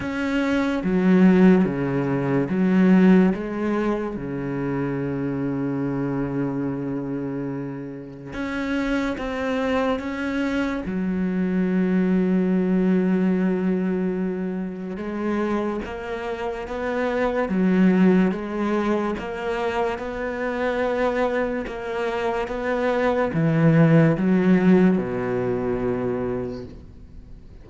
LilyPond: \new Staff \with { instrumentName = "cello" } { \time 4/4 \tempo 4 = 72 cis'4 fis4 cis4 fis4 | gis4 cis2.~ | cis2 cis'4 c'4 | cis'4 fis2.~ |
fis2 gis4 ais4 | b4 fis4 gis4 ais4 | b2 ais4 b4 | e4 fis4 b,2 | }